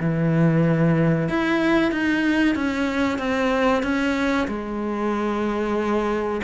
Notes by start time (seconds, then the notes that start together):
0.00 E3
1.29 E4
1.91 D#4
2.55 C#4
3.18 C4
3.83 C#4
4.48 G#3